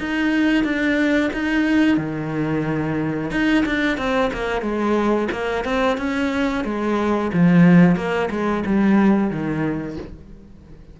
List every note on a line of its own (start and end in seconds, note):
0.00 0.64 D#4
0.64 1.31 D4
1.34 1.98 D#4
1.98 3.31 D#3
3.32 3.65 D#4
3.66 3.98 D4
3.98 4.31 C4
4.33 4.62 A#3
4.62 5.29 G#3
5.32 5.65 A#3
5.65 5.98 C4
5.98 6.65 C#4
6.65 7.32 G#3
7.33 7.96 F3
7.96 8.30 A#3
8.31 8.64 G#3
8.66 9.31 G3
9.31 9.98 D#3